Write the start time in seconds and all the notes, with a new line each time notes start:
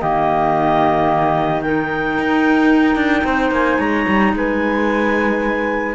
0.00 D#3 A#3 G4 D#5
1.62 D#4 A#4 G5
2.19 D#4
2.96 D4
3.25 C4 C5
3.51 A#3 G#5
3.79 G#3 C#5 A#5
4.08 G3
4.34 G#3 B4 G#5